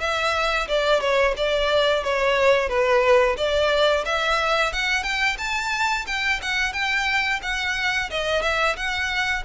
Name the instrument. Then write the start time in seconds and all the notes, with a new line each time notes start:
violin
0.00 E5
0.68 D5
1.01 C#5
1.37 D5
2.04 C#5
2.69 B4
3.37 D5
4.05 E5
4.73 F#5
5.03 G5
5.38 A5
6.07 G5
6.42 F#5
6.73 G5
7.42 F#5
8.10 D#5
8.42 E5
8.76 F#5